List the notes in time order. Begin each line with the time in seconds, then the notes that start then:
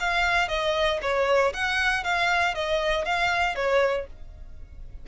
0.00 F5
0.48 D#5
1.02 C#5
1.54 F#5
2.04 F5
2.55 D#5
3.05 F5
3.55 C#5